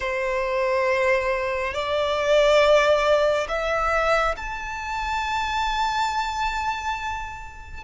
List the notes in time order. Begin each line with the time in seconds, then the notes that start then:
0.00 C5
1.73 D5
3.48 E5
4.36 A5